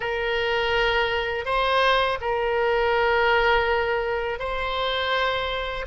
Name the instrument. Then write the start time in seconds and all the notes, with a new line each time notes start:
oboe
0.00 A#4
1.45 C5
2.20 A#4
4.39 C5